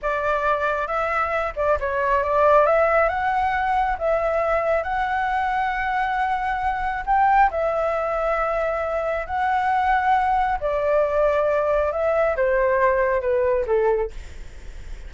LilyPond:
\new Staff \with { instrumentName = "flute" } { \time 4/4 \tempo 4 = 136 d''2 e''4. d''8 | cis''4 d''4 e''4 fis''4~ | fis''4 e''2 fis''4~ | fis''1 |
g''4 e''2.~ | e''4 fis''2. | d''2. e''4 | c''2 b'4 a'4 | }